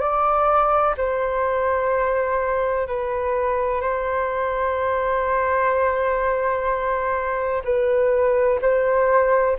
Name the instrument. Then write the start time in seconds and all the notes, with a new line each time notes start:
flute
0.00 D5
0.97 C5
2.87 B4
3.81 C5
7.65 B4
8.61 C5